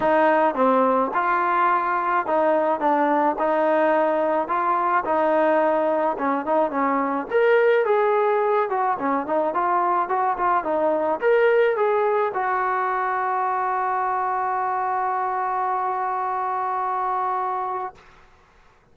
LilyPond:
\new Staff \with { instrumentName = "trombone" } { \time 4/4 \tempo 4 = 107 dis'4 c'4 f'2 | dis'4 d'4 dis'2 | f'4 dis'2 cis'8 dis'8 | cis'4 ais'4 gis'4. fis'8 |
cis'8 dis'8 f'4 fis'8 f'8 dis'4 | ais'4 gis'4 fis'2~ | fis'1~ | fis'1 | }